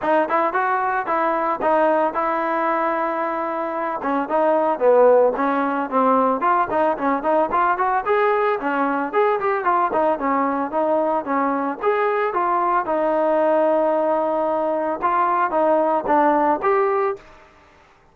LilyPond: \new Staff \with { instrumentName = "trombone" } { \time 4/4 \tempo 4 = 112 dis'8 e'8 fis'4 e'4 dis'4 | e'2.~ e'8 cis'8 | dis'4 b4 cis'4 c'4 | f'8 dis'8 cis'8 dis'8 f'8 fis'8 gis'4 |
cis'4 gis'8 g'8 f'8 dis'8 cis'4 | dis'4 cis'4 gis'4 f'4 | dis'1 | f'4 dis'4 d'4 g'4 | }